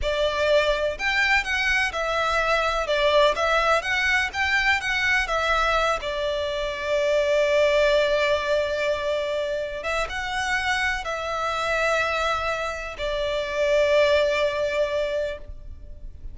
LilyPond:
\new Staff \with { instrumentName = "violin" } { \time 4/4 \tempo 4 = 125 d''2 g''4 fis''4 | e''2 d''4 e''4 | fis''4 g''4 fis''4 e''4~ | e''8 d''2.~ d''8~ |
d''1~ | d''8 e''8 fis''2 e''4~ | e''2. d''4~ | d''1 | }